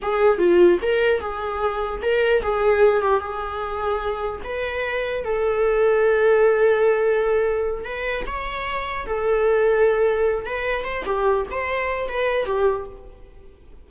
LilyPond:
\new Staff \with { instrumentName = "viola" } { \time 4/4 \tempo 4 = 149 gis'4 f'4 ais'4 gis'4~ | gis'4 ais'4 gis'4. g'8 | gis'2. b'4~ | b'4 a'2.~ |
a'2.~ a'8 b'8~ | b'8 cis''2 a'4.~ | a'2 b'4 c''8 g'8~ | g'8 c''4. b'4 g'4 | }